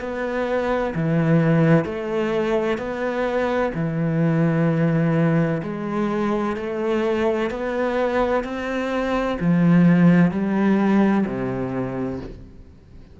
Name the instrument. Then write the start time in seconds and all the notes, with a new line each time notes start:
cello
0.00 B3
0.95 E3
1.85 A3
2.78 B3
3.74 E3
5.63 G#3
6.56 A3
7.50 B3
8.44 C4
9.40 F3
10.31 G3
11.26 C3